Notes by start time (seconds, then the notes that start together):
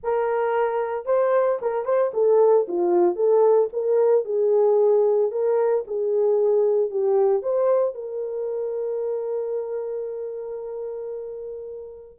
0.03 A#4
1.05 C5
1.61 A#4
1.85 C5
2.13 A4
2.67 F4
3.15 A4
3.72 A#4
4.25 G#4
5.31 A#4
5.87 G#4
6.90 G4
7.42 C5
7.94 A#4